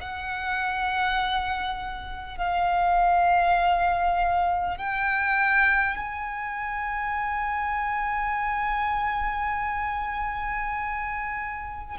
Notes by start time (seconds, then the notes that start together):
0.00 F#5
2.37 F5
4.77 G5
5.97 G#5